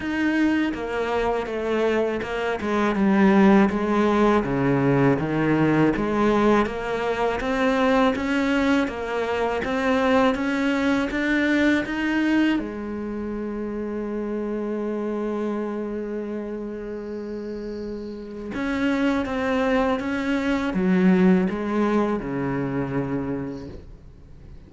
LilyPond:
\new Staff \with { instrumentName = "cello" } { \time 4/4 \tempo 4 = 81 dis'4 ais4 a4 ais8 gis8 | g4 gis4 cis4 dis4 | gis4 ais4 c'4 cis'4 | ais4 c'4 cis'4 d'4 |
dis'4 gis2.~ | gis1~ | gis4 cis'4 c'4 cis'4 | fis4 gis4 cis2 | }